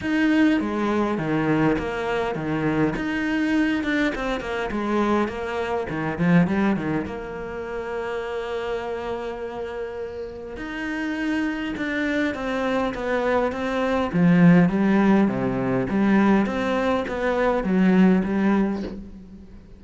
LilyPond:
\new Staff \with { instrumentName = "cello" } { \time 4/4 \tempo 4 = 102 dis'4 gis4 dis4 ais4 | dis4 dis'4. d'8 c'8 ais8 | gis4 ais4 dis8 f8 g8 dis8 | ais1~ |
ais2 dis'2 | d'4 c'4 b4 c'4 | f4 g4 c4 g4 | c'4 b4 fis4 g4 | }